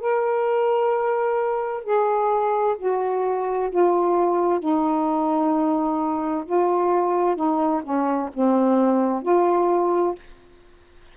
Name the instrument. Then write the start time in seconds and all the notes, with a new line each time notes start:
saxophone
0.00 A#4
1.84 G#4
2.79 F#4
3.70 F4
4.60 D#4
6.45 F4
7.36 D#4
7.83 C#4
8.34 C4
9.23 F4